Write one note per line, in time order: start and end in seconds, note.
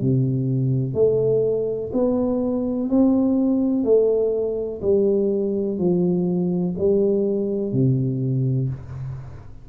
0.00 0.94 C3
0.94 1.90 A3
1.93 2.89 B3
2.89 3.84 C4
3.84 4.80 A3
4.81 5.78 G3
5.78 6.75 F3
6.77 7.72 G3
7.72 8.69 C3